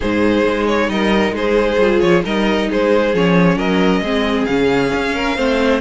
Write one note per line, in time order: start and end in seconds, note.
0.00 0.45 G#2
0.00 1.80 D#4
0.00 0.89 G#4
0.00 0.67 C5
0.45 0.88 G#3
0.67 0.89 C#5
0.88 1.31 G3
0.88 1.34 A#4
0.88 1.34 D#5
1.31 1.76 G#3
1.31 2.24 G#4
1.31 2.00 C5
1.77 1.99 G3
1.77 2.23 F4
2.00 2.24 F3
2.00 2.22 C#5
2.23 2.69 G3
2.23 3.13 D#4
2.23 2.68 A#4
2.23 2.70 D#5
2.69 3.14 G#3
2.69 3.57 G#4
2.69 3.14 C5
3.14 3.56 F3
3.14 4.04 C#4
3.14 3.58 C#5
3.56 4.01 F#3
3.56 4.01 A#4
3.56 4.45 D#5
4.01 4.46 G#3
4.01 4.48 C4
4.01 5.14 G#4
4.45 4.92 C#3
4.45 5.36 C#4
4.45 5.79 F5
4.93 5.37 C#4
5.14 5.36 A#4
5.36 5.81 A3
5.36 5.81 C4
5.36 5.81 C5